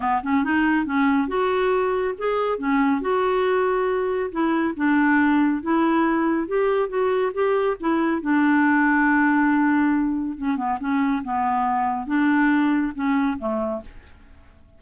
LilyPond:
\new Staff \with { instrumentName = "clarinet" } { \time 4/4 \tempo 4 = 139 b8 cis'8 dis'4 cis'4 fis'4~ | fis'4 gis'4 cis'4 fis'4~ | fis'2 e'4 d'4~ | d'4 e'2 g'4 |
fis'4 g'4 e'4 d'4~ | d'1 | cis'8 b8 cis'4 b2 | d'2 cis'4 a4 | }